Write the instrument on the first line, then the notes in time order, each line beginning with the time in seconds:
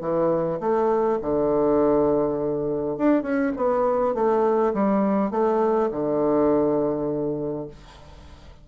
bassoon
0.00 E3
0.60 A3
1.21 D3
2.97 D4
3.22 C#4
3.56 B3
4.14 A3
4.73 G3
5.30 A3
5.91 D3